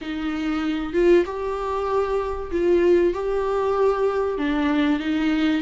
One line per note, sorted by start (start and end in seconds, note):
0.01 0.93 D#4
0.93 1.24 F4
1.25 2.50 G4
2.51 3.13 F4
3.13 4.38 G4
4.38 4.99 D4
4.99 5.61 D#4